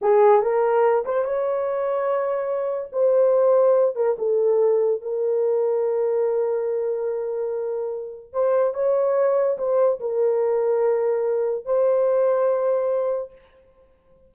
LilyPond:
\new Staff \with { instrumentName = "horn" } { \time 4/4 \tempo 4 = 144 gis'4 ais'4. c''8 cis''4~ | cis''2. c''4~ | c''4. ais'8 a'2 | ais'1~ |
ais'1 | c''4 cis''2 c''4 | ais'1 | c''1 | }